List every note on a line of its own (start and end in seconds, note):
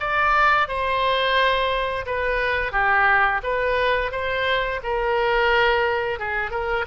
0.00 0.68 D5
0.68 2.06 C5
2.06 2.72 B4
2.72 3.41 G4
3.43 4.12 B4
4.12 4.81 C5
4.83 6.19 A#4
6.19 6.51 G#4
6.51 6.85 A#4